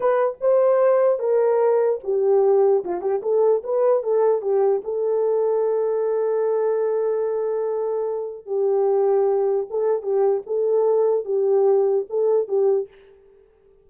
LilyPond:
\new Staff \with { instrumentName = "horn" } { \time 4/4 \tempo 4 = 149 b'4 c''2 ais'4~ | ais'4 g'2 f'8 g'8 | a'4 b'4 a'4 g'4 | a'1~ |
a'1~ | a'4 g'2. | a'4 g'4 a'2 | g'2 a'4 g'4 | }